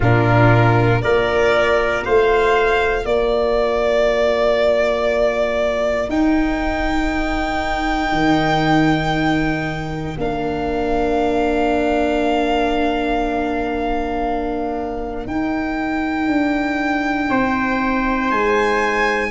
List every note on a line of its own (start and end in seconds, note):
0.00 1.02 A#2
0.00 1.03 D4
0.00 1.01 F4
0.00 1.01 A#4
1.01 2.04 A#3
1.01 6.10 F4
1.01 2.04 A#4
1.01 2.03 D5
2.04 3.04 A3
2.04 3.03 C5
2.04 3.05 F5
3.03 6.08 A#3
3.03 17.27 A#4
3.03 6.10 D5
6.08 8.11 D#4
6.08 10.17 D#4
6.08 10.17 G5
8.11 10.15 D#3
10.17 15.26 A#3
10.17 15.26 D4
10.17 15.26 F5
15.26 16.27 D#4
15.26 19.30 D#4
15.26 18.31 G5
16.27 17.29 D4
17.29 18.31 C4
17.29 19.30 C5
18.31 19.30 G#3
18.31 19.30 G#5